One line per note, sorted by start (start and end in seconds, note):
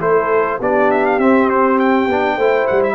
0.00 0.59 A3
0.00 0.60 E4
0.00 0.58 A4
0.00 0.60 C5
0.58 1.18 B3
0.58 1.20 D4
0.58 2.36 G4
0.58 0.91 D5
0.91 1.05 E5
1.05 1.19 F5
1.18 2.07 C4
1.18 2.09 C4
1.18 1.49 E5
1.49 1.78 C5
1.79 2.67 G5
2.07 2.36 B3
2.07 2.39 D4
2.37 2.66 A3
2.37 2.94 E4
2.37 2.94 C5
2.67 2.94 G3
2.67 2.82 F#5
2.83 2.94 E5